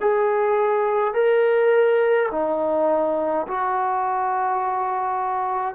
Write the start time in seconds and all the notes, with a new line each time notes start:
0.00 G#4
1.14 A#4
2.31 D#4
3.47 F#4